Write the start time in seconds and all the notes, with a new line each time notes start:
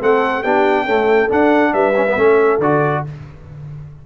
0.00 A3 C4 A4 F#5
0.41 B3 D4 G4 G5
0.84 A3 C#4 A4
1.28 D4 F#5
1.73 G3 B4 E5
1.95 C#4
2.07 B3
2.17 A3 C#4 A4
2.58 D3 F#4 D5